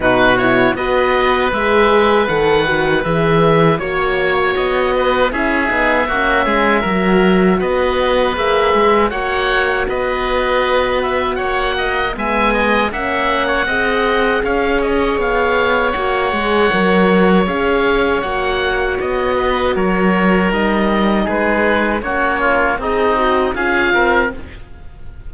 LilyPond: <<
  \new Staff \with { instrumentName = "oboe" } { \time 4/4 \tempo 4 = 79 b'8 cis''8 dis''4 e''4 fis''4 | e''4 cis''4 dis''4 e''4~ | e''2 dis''4 e''4 | fis''4 dis''4. e''8 fis''4 |
gis''4 fis''2 f''8 dis''8 | f''4 fis''2 f''4 | fis''4 dis''4 cis''4 dis''4 | b'4 cis''4 dis''4 f''4 | }
  \new Staff \with { instrumentName = "oboe" } { \time 4/4 fis'4 b'2.~ | b'4 cis''4. b'8 gis'4 | fis'8 gis'8 ais'4 b'2 | cis''4 b'2 cis''8 dis''8 |
e''8 dis''8 e''8. cis''16 dis''4 cis''4~ | cis''1~ | cis''4. b'8 ais'2 | gis'4 fis'8 f'8 dis'4 gis'8 ais'8 | }
  \new Staff \with { instrumentName = "horn" } { \time 4/4 dis'8 e'8 fis'4 gis'4 a'8 fis'8 | gis'4 fis'2 e'8 dis'8 | cis'4 fis'2 gis'4 | fis'1 |
b4 cis'4 gis'2~ | gis'4 fis'8 gis'8 ais'4 gis'4 | fis'2. dis'4~ | dis'4 cis'4 gis'8 fis'8 f'4 | }
  \new Staff \with { instrumentName = "cello" } { \time 4/4 b,4 b4 gis4 dis4 | e4 ais4 b4 cis'8 b8 | ais8 gis8 fis4 b4 ais8 gis8 | ais4 b2 ais4 |
gis4 ais4 c'4 cis'4 | b4 ais8 gis8 fis4 cis'4 | ais4 b4 fis4 g4 | gis4 ais4 c'4 cis'8 c'8 | }
>>